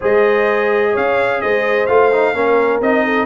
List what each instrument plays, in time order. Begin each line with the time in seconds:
0.00 tuba G#3, trombone G#4, horn C5, trumpet D#5
0.91 tuba C#4, horn C#5, trumpet F5
1.41 tuba G#3, horn C5, trumpet D#5
1.86 tuba A3, trombone F4, trumpet F5
2.12 trombone D#4
2.33 tuba A#3, trombone C#4, horn A#4
2.80 tuba C4, trombone D#4, trumpet D#5
3.04 horn A4